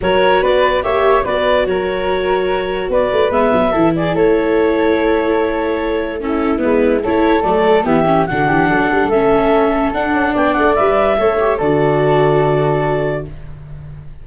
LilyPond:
<<
  \new Staff \with { instrumentName = "clarinet" } { \time 4/4 \tempo 4 = 145 cis''4 d''4 e''4 d''4 | cis''2. d''4 | e''4. d''8 cis''2~ | cis''2. a'4 |
b'4 cis''4 d''4 e''4 | fis''2 e''2 | fis''4 g''8 fis''8 e''2 | d''1 | }
  \new Staff \with { instrumentName = "flute" } { \time 4/4 ais'4 b'4 cis''4 b'4 | ais'2. b'4~ | b'4 a'8 gis'8 a'2~ | a'2. e'4~ |
e'4 a'2 g'4 | fis'8 g'8 a'2.~ | a'4 d''2 cis''4 | a'1 | }
  \new Staff \with { instrumentName = "viola" } { \time 4/4 fis'2 g'4 fis'4~ | fis'1 | b4 e'2.~ | e'2. cis'4 |
b4 e'4 a4 b8 cis'8 | d'2 cis'2 | d'2 b'4 a'8 g'8 | fis'1 | }
  \new Staff \with { instrumentName = "tuba" } { \time 4/4 fis4 b4 ais4 b4 | fis2. b8 a8 | gis8 fis8 e4 a2~ | a1 |
gis4 a4 fis4 e4 | d8 e8 fis8 g8 a2 | d'8 cis'8 b8 a8 g4 a4 | d1 | }
>>